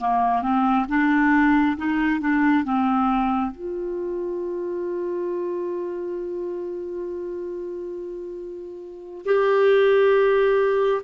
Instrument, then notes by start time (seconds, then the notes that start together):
clarinet
0.00 A#3
0.42 C4
0.89 D4
1.77 D#4
2.21 D4
2.64 C4
3.52 F4
9.26 G4